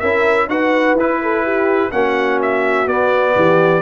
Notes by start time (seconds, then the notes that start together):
0.00 C#4 E4 A#4 E5
0.48 D#4 F#4 B4 F#5
0.94 E4 B4
1.23 A4
1.45 G4
1.92 A#3 C#4 F#4 F#5
2.42 E5
2.87 B3 D5
3.36 E3 G4